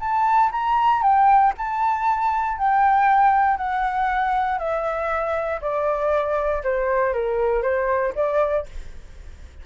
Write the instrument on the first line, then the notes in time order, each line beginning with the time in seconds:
flute
0.00 A5
0.52 A#5
1.03 G5
1.58 A5
2.58 G5
3.57 F#5
4.59 E5
5.61 D5
6.64 C5
7.13 A#4
7.62 C5
8.16 D5